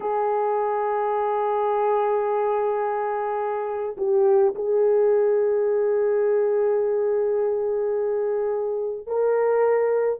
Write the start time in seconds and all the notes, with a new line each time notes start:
0.00 G#4
3.97 G4
4.55 G#4
9.06 A#4